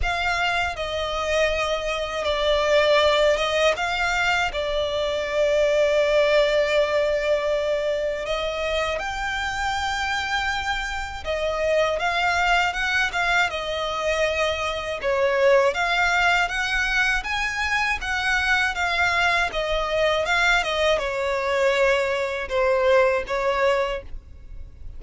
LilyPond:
\new Staff \with { instrumentName = "violin" } { \time 4/4 \tempo 4 = 80 f''4 dis''2 d''4~ | d''8 dis''8 f''4 d''2~ | d''2. dis''4 | g''2. dis''4 |
f''4 fis''8 f''8 dis''2 | cis''4 f''4 fis''4 gis''4 | fis''4 f''4 dis''4 f''8 dis''8 | cis''2 c''4 cis''4 | }